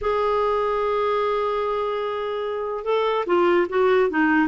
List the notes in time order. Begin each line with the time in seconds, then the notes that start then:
0.01 G#4
2.84 A4
3.26 F4
3.69 F#4
4.10 D#4